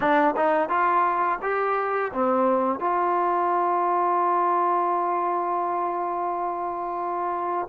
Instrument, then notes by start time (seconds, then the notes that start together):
trombone
0.00 D4
0.36 D#4
0.69 F4
1.41 G4
2.13 C4
2.79 F4